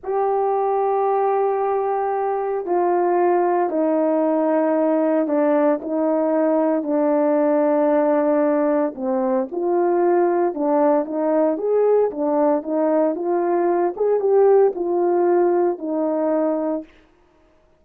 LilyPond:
\new Staff \with { instrumentName = "horn" } { \time 4/4 \tempo 4 = 114 g'1~ | g'4 f'2 dis'4~ | dis'2 d'4 dis'4~ | dis'4 d'2.~ |
d'4 c'4 f'2 | d'4 dis'4 gis'4 d'4 | dis'4 f'4. gis'8 g'4 | f'2 dis'2 | }